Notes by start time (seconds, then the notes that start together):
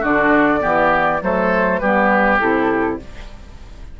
0.00 D3 D4 F#4 D5
0.60 E3 B3 G4
1.21 F#3 A3 A4 C5
1.78 G3 B3 G4 B4
2.39 C3 E4 A4